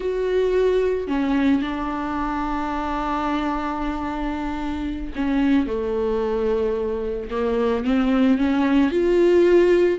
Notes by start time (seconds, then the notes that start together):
0.00 F#4
1.07 C#4
1.61 D4
5.15 C#4
5.67 A3
7.30 A#3
7.84 C4
8.38 C#4
8.90 F4